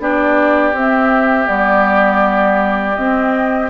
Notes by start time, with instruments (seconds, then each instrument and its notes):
0.00 bassoon B3, clarinet D4, oboe G4, flute D5
0.73 bassoon C4, clarinet C4, flute E5
1.45 bassoon G3, clarinet B3, flute D5
2.95 clarinet C4, bassoon C4, flute D#5